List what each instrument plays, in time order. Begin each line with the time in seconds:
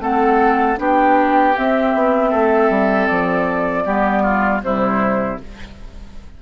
0.00 bassoon A3, clarinet C4, oboe A4, flute F#5
0.77 bassoon B3, clarinet D4, oboe G4, flute G5
1.57 clarinet C4, bassoon C4, flute E5
1.94 bassoon B3
2.30 bassoon A3, oboe A4
2.70 bassoon G3
3.08 bassoon F3, flute D5
3.85 bassoon G3, clarinet B3, oboe G4
4.23 oboe F4
4.62 bassoon C3, clarinet G3, oboe E4, flute C5